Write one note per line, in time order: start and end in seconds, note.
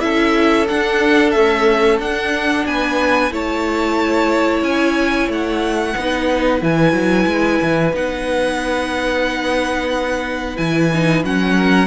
0.00 0.69 C#4
0.00 0.66 E4
0.00 2.67 A4
0.00 0.66 E5
0.69 1.35 D4
0.69 1.31 F#5
1.31 2.01 A3
1.31 2.00 C#4
1.31 1.97 E5
2.00 2.66 D4
2.00 3.31 D4
2.00 2.67 F#5
2.67 3.31 B3
2.67 3.33 B4
2.67 3.33 G#5
3.31 4.62 A3
3.31 5.95 E4
3.31 5.93 C#5
3.31 4.63 A5
4.62 5.28 C#4
4.62 5.29 G#5
5.28 5.94 A3
5.28 6.64 F#5
5.93 6.62 B3
5.93 6.61 D#4
5.93 11.54 B4
6.61 6.93 E3
6.61 7.93 E4
6.61 7.96 G#5
6.93 7.26 F#3
7.26 7.59 G#3
7.62 7.94 E3
7.93 10.58 B3
7.93 10.57 D#4
7.93 10.57 F#5
10.57 11.24 E3
10.57 10.90 E4
10.57 11.23 G#5
10.95 11.25 D#4
11.24 11.87 F#3
11.24 11.87 C#4
11.24 11.87 F#5
11.56 11.87 A#4